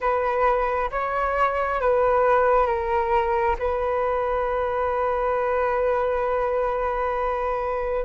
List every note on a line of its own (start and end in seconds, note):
0.00 0.90 B4
0.91 1.80 C#5
1.80 2.66 B4
2.66 3.56 A#4
3.58 8.05 B4